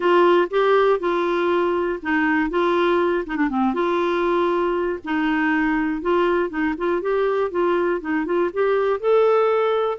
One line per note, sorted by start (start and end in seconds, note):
0.00 0.48 F4
0.50 0.99 G4
0.99 1.99 F4
2.02 2.50 D#4
2.50 3.25 F4
3.26 3.36 D#4
3.36 3.49 D4
3.49 3.74 C4
3.74 4.99 F4
5.04 6.01 D#4
6.01 6.49 F4
6.49 6.74 D#4
6.77 7.01 F4
7.01 7.50 G4
7.50 8.00 F4
8.00 8.25 D#4
8.25 8.50 F4
8.53 9.00 G4
9.00 9.98 A4